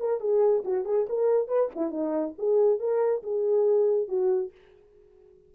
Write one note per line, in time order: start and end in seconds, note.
0.00 0.20 A#4
0.20 0.63 G#4
0.65 0.85 F#4
0.85 1.07 G#4
1.09 1.48 A#4
1.48 1.69 B4
1.75 1.91 E4
1.91 2.34 D#4
2.38 2.79 G#4
2.79 3.23 A#4
3.23 4.08 G#4
4.08 4.51 F#4